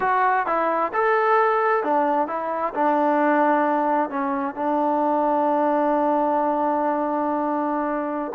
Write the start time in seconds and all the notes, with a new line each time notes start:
0.00 F#4
0.46 E4
0.93 A4
1.83 D4
2.27 E4
2.74 D4
4.09 C#4
4.54 D4